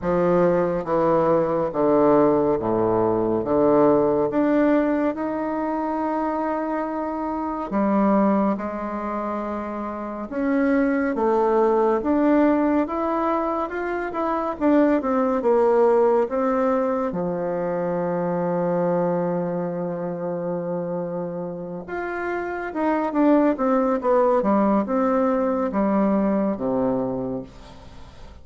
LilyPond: \new Staff \with { instrumentName = "bassoon" } { \time 4/4 \tempo 4 = 70 f4 e4 d4 a,4 | d4 d'4 dis'2~ | dis'4 g4 gis2 | cis'4 a4 d'4 e'4 |
f'8 e'8 d'8 c'8 ais4 c'4 | f1~ | f4. f'4 dis'8 d'8 c'8 | b8 g8 c'4 g4 c4 | }